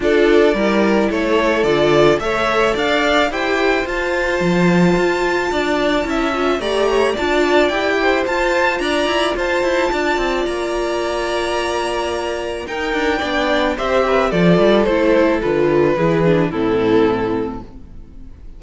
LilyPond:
<<
  \new Staff \with { instrumentName = "violin" } { \time 4/4 \tempo 4 = 109 d''2 cis''4 d''4 | e''4 f''4 g''4 a''4~ | a''1 | ais''4 a''4 g''4 a''4 |
ais''4 a''2 ais''4~ | ais''2. g''4~ | g''4 e''4 d''4 c''4 | b'2 a'2 | }
  \new Staff \with { instrumentName = "violin" } { \time 4/4 a'4 ais'4 a'2 | cis''4 d''4 c''2~ | c''2 d''4 e''4 | d''8 cis''8 d''4. c''4. |
d''4 c''4 d''2~ | d''2. ais'4 | d''4 c''8 b'8 a'2~ | a'4 gis'4 e'2 | }
  \new Staff \with { instrumentName = "viola" } { \time 4/4 f'4 e'2 f'4 | a'2 g'4 f'4~ | f'2. e'8 f'8 | g'4 f'4 g'4 f'4~ |
f'1~ | f'2. dis'4 | d'4 g'4 f'4 e'4 | f'4 e'8 d'8 c'2 | }
  \new Staff \with { instrumentName = "cello" } { \time 4/4 d'4 g4 a4 d4 | a4 d'4 e'4 f'4 | f4 f'4 d'4 cis'4 | a4 d'4 e'4 f'4 |
d'8 e'8 f'8 e'8 d'8 c'8 ais4~ | ais2. dis'8 d'8 | b4 c'4 f8 g8 a4 | d4 e4 a,2 | }
>>